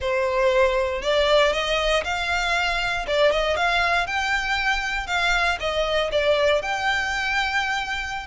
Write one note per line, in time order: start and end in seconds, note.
0.00 1.02 C5
1.02 1.53 D5
1.53 2.03 D#5
2.04 3.05 F5
3.07 3.31 D5
3.31 3.56 D#5
3.56 4.06 F5
4.06 5.07 G5
5.07 5.57 F5
5.60 6.10 D#5
6.11 6.61 D5
6.61 8.26 G5